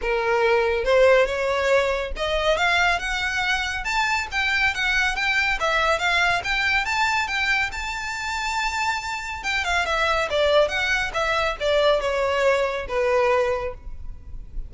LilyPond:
\new Staff \with { instrumentName = "violin" } { \time 4/4 \tempo 4 = 140 ais'2 c''4 cis''4~ | cis''4 dis''4 f''4 fis''4~ | fis''4 a''4 g''4 fis''4 | g''4 e''4 f''4 g''4 |
a''4 g''4 a''2~ | a''2 g''8 f''8 e''4 | d''4 fis''4 e''4 d''4 | cis''2 b'2 | }